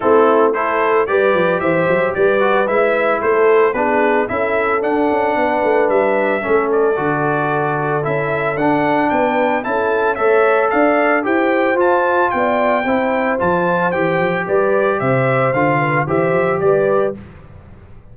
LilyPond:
<<
  \new Staff \with { instrumentName = "trumpet" } { \time 4/4 \tempo 4 = 112 a'4 c''4 d''4 e''4 | d''4 e''4 c''4 b'4 | e''4 fis''2 e''4~ | e''8 d''2~ d''8 e''4 |
fis''4 g''4 a''4 e''4 | f''4 g''4 a''4 g''4~ | g''4 a''4 g''4 d''4 | e''4 f''4 e''4 d''4 | }
  \new Staff \with { instrumentName = "horn" } { \time 4/4 e'4 a'4 b'4 c''4 | b'2 a'4 gis'4 | a'2 b'2 | a'1~ |
a'4 b'4 a'4 cis''4 | d''4 c''2 d''4 | c''2. b'4 | c''4. b'8 c''4 b'4 | }
  \new Staff \with { instrumentName = "trombone" } { \time 4/4 c'4 e'4 g'2~ | g'8 fis'8 e'2 d'4 | e'4 d'2. | cis'4 fis'2 e'4 |
d'2 e'4 a'4~ | a'4 g'4 f'2 | e'4 f'4 g'2~ | g'4 f'4 g'2 | }
  \new Staff \with { instrumentName = "tuba" } { \time 4/4 a2 g8 f8 e8 fis8 | g4 gis4 a4 b4 | cis'4 d'8 cis'8 b8 a8 g4 | a4 d2 cis'4 |
d'4 b4 cis'4 a4 | d'4 e'4 f'4 b4 | c'4 f4 e8 f8 g4 | c4 d4 e8 f8 g4 | }
>>